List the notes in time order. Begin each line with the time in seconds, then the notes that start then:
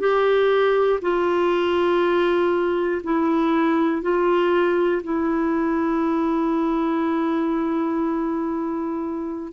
0.00 G4
1.02 F4
3.04 E4
4.02 F4
5.04 E4